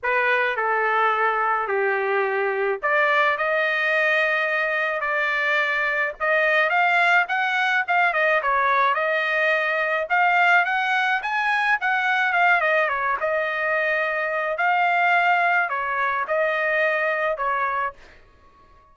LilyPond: \new Staff \with { instrumentName = "trumpet" } { \time 4/4 \tempo 4 = 107 b'4 a'2 g'4~ | g'4 d''4 dis''2~ | dis''4 d''2 dis''4 | f''4 fis''4 f''8 dis''8 cis''4 |
dis''2 f''4 fis''4 | gis''4 fis''4 f''8 dis''8 cis''8 dis''8~ | dis''2 f''2 | cis''4 dis''2 cis''4 | }